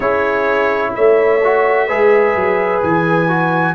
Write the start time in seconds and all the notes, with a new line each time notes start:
0.00 C#4 E4 G#4 C#5
0.95 A3 C#5 E5
1.43 F#4
1.87 G#3 G#4 B4
2.35 F#3
2.82 E3 G#5
3.28 F#4